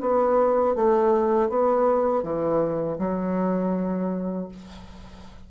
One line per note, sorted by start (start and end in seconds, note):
0.00 0.75 B3
0.75 1.49 A3
1.49 2.22 B3
2.22 2.97 E3
2.98 4.48 F#3